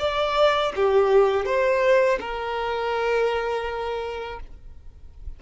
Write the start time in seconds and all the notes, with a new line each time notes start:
0.00 D5
0.76 G4
1.46 C5
2.21 A#4